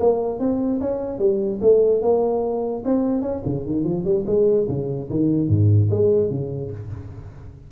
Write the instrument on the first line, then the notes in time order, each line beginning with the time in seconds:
tuba
0.00 A#3
0.39 C4
0.81 C#4
1.19 G3
1.61 A3
2.02 A#3
2.85 C4
3.22 C#4
3.45 C#3
3.66 D#3
3.84 F3
4.05 G3
4.27 G#3
4.68 C#3
5.10 D#3
5.49 G#2
5.91 G#3
6.30 C#3